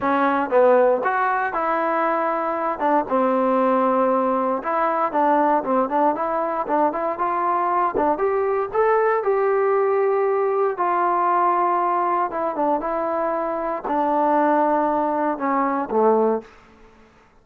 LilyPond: \new Staff \with { instrumentName = "trombone" } { \time 4/4 \tempo 4 = 117 cis'4 b4 fis'4 e'4~ | e'4. d'8 c'2~ | c'4 e'4 d'4 c'8 d'8 | e'4 d'8 e'8 f'4. d'8 |
g'4 a'4 g'2~ | g'4 f'2. | e'8 d'8 e'2 d'4~ | d'2 cis'4 a4 | }